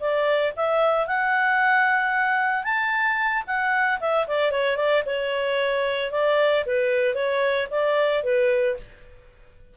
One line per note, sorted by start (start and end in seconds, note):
0.00 0.53 D5
0.56 1.07 E5
1.07 2.64 F#5
2.64 3.43 A5
3.47 4.00 F#5
4.00 4.26 E5
4.27 4.51 D5
4.51 4.76 C#5
4.76 5.03 D5
5.06 6.11 C#5
6.11 6.64 D5
6.65 7.14 B4
7.14 7.67 C#5
7.70 8.23 D5
8.23 8.76 B4